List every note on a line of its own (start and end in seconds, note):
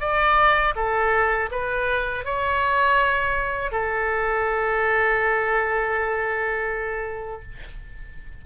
0.00 0.74 D5
0.75 1.49 A4
1.51 2.25 B4
2.25 3.72 C#5
3.72 7.42 A4